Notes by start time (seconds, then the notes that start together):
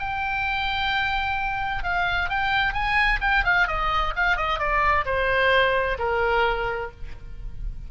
0.00 G5
1.84 F5
2.30 G5
2.74 G#5
3.22 G5
3.45 F5
3.68 D#5
4.16 F5
4.37 D#5
4.59 D5
5.06 C5
5.99 A#4